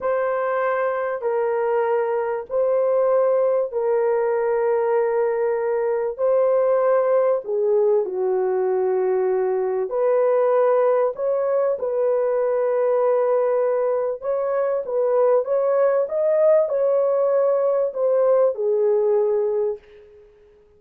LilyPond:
\new Staff \with { instrumentName = "horn" } { \time 4/4 \tempo 4 = 97 c''2 ais'2 | c''2 ais'2~ | ais'2 c''2 | gis'4 fis'2. |
b'2 cis''4 b'4~ | b'2. cis''4 | b'4 cis''4 dis''4 cis''4~ | cis''4 c''4 gis'2 | }